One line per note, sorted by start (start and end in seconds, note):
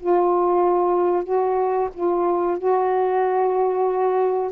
0.00 1.24 F4
1.24 1.89 F#4
1.94 2.58 F4
2.58 4.52 F#4